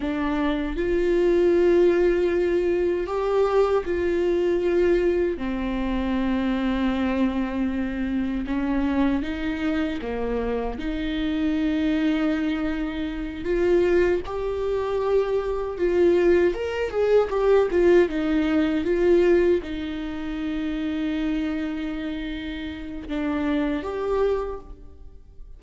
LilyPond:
\new Staff \with { instrumentName = "viola" } { \time 4/4 \tempo 4 = 78 d'4 f'2. | g'4 f'2 c'4~ | c'2. cis'4 | dis'4 ais4 dis'2~ |
dis'4. f'4 g'4.~ | g'8 f'4 ais'8 gis'8 g'8 f'8 dis'8~ | dis'8 f'4 dis'2~ dis'8~ | dis'2 d'4 g'4 | }